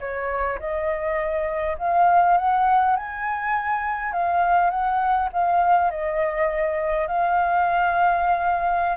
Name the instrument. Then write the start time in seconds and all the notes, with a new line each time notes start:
flute
0.00 C#5
0.60 D#5
1.79 F5
2.38 F#5
2.97 G#5
4.13 F5
4.70 F#5
5.33 F5
5.91 D#5
7.07 F5